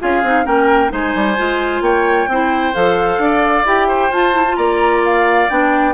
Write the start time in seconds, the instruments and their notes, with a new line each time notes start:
0.00 bassoon C#4, clarinet F4, oboe G#4, flute F5
0.23 bassoon C4, clarinet D#4
0.44 bassoon A#3, clarinet C#4, oboe A#4, flute G5
0.89 bassoon G#3, clarinet D#4, oboe C5, flute G#5
1.15 bassoon G3
1.37 bassoon G#3, clarinet F4
1.81 bassoon A#3, oboe C#5, flute G5
2.28 bassoon C4, clarinet E4, oboe C5
2.74 bassoon F3, clarinet A4, flute F5
3.18 bassoon D4, oboe D5
3.65 bassoon E4, clarinet G4, flute G5
3.88 oboe C5
4.11 bassoon F4, clarinet F4, flute A5
4.34 clarinet E4
4.48 clarinet F4
4.56 bassoon A#3, oboe D5, flute A#5
5.05 flute F5
5.49 bassoon B3, clarinet D4, flute G5